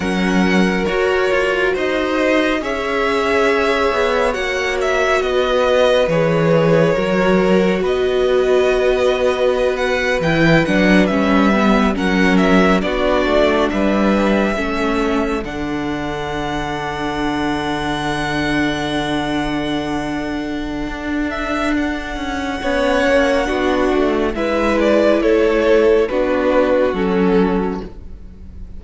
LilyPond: <<
  \new Staff \with { instrumentName = "violin" } { \time 4/4 \tempo 4 = 69 fis''4 cis''4 dis''4 e''4~ | e''4 fis''8 e''8 dis''4 cis''4~ | cis''4 dis''2~ dis''16 fis''8 g''16~ | g''16 fis''8 e''4 fis''8 e''8 d''4 e''16~ |
e''4.~ e''16 fis''2~ fis''16~ | fis''1~ | fis''8 e''8 fis''2. | e''8 d''8 cis''4 b'4 a'4 | }
  \new Staff \with { instrumentName = "violin" } { \time 4/4 ais'2 c''4 cis''4~ | cis''2 b'2 | ais'4 b'2.~ | b'4.~ b'16 ais'4 fis'4 b'16~ |
b'8. a'2.~ a'16~ | a'1~ | a'2 cis''4 fis'4 | b'4 a'4 fis'2 | }
  \new Staff \with { instrumentName = "viola" } { \time 4/4 cis'4 fis'2 gis'4~ | gis'4 fis'2 gis'4 | fis'2.~ fis'8. e'16~ | e'16 d'8 cis'8 b8 cis'4 d'4~ d'16~ |
d'8. cis'4 d'2~ d'16~ | d'1~ | d'2 cis'4 d'4 | e'2 d'4 cis'4 | }
  \new Staff \with { instrumentName = "cello" } { \time 4/4 fis4 fis'8 f'8 dis'4 cis'4~ | cis'8 b8 ais4 b4 e4 | fis4 b2~ b8. e16~ | e16 fis8 g4 fis4 b8 a8 g16~ |
g8. a4 d2~ d16~ | d1 | d'4. cis'8 b8 ais8 b8 a8 | gis4 a4 b4 fis4 | }
>>